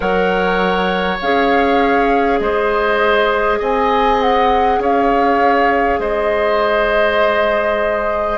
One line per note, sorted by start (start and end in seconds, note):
0.00 1.19 F#3
0.00 1.17 A#4
0.00 2.39 C#5
0.00 1.18 F#5
1.21 2.40 C#4
1.21 8.37 G#4
1.21 2.39 F5
2.39 3.60 G#3
2.39 3.59 C5
2.39 3.59 D#5
3.59 4.78 C4
3.59 4.79 D#5
3.59 4.21 G#5
4.21 4.81 F#5
4.78 5.98 C#4
4.78 6.00 C#5
4.78 6.00 F5
5.99 8.37 G#3
5.99 8.37 C5
5.99 8.37 D#5